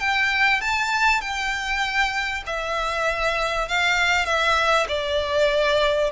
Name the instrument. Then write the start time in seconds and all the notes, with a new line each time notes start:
violin
0.00 G5
0.61 A5
1.21 G5
2.46 E5
3.68 F5
4.25 E5
4.88 D5